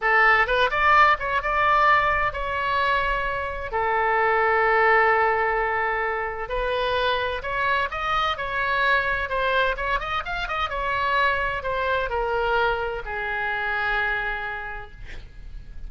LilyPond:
\new Staff \with { instrumentName = "oboe" } { \time 4/4 \tempo 4 = 129 a'4 b'8 d''4 cis''8 d''4~ | d''4 cis''2. | a'1~ | a'2 b'2 |
cis''4 dis''4 cis''2 | c''4 cis''8 dis''8 f''8 dis''8 cis''4~ | cis''4 c''4 ais'2 | gis'1 | }